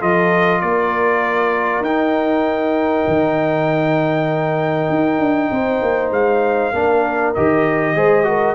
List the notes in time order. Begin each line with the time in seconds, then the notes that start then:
0.00 F3 F4 A4 D#5
0.61 A#3 A#4 D5
1.81 D#4 G5
3.08 D#3
4.90 D#4
5.19 D4
5.51 C4 C5
5.82 A#3
6.11 G#3 F5
6.73 A#3 D4 A#4
7.34 D#3 G4 D#5
7.95 G#3 G#4 C5
8.24 F#4 A#4